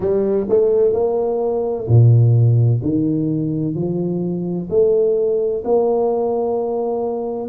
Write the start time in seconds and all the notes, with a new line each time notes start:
0.00 G3
0.49 A3
0.92 A#3
1.87 A#2
2.83 D#3
3.75 F3
4.69 A3
5.64 A#3